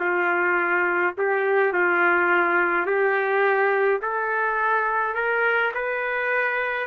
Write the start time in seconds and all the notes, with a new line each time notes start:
0.00 F4
1.18 G4
1.74 F4
2.86 G4
4.02 A4
5.15 A#4
5.75 B4